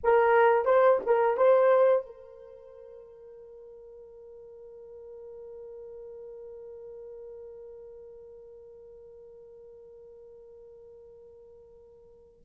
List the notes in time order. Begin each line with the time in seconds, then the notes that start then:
0.03 A#4
0.65 C5
1.06 A#4
1.37 C5
2.06 A#4